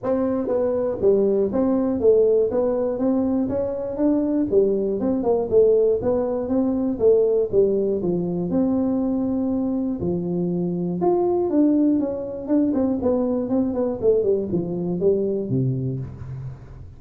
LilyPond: \new Staff \with { instrumentName = "tuba" } { \time 4/4 \tempo 4 = 120 c'4 b4 g4 c'4 | a4 b4 c'4 cis'4 | d'4 g4 c'8 ais8 a4 | b4 c'4 a4 g4 |
f4 c'2. | f2 f'4 d'4 | cis'4 d'8 c'8 b4 c'8 b8 | a8 g8 f4 g4 c4 | }